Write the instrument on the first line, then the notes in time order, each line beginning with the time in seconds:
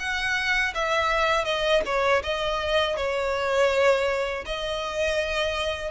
violin
0.00 F#5
0.75 E5
1.45 D#5
1.86 C#5
2.24 D#5
2.97 C#5
4.46 D#5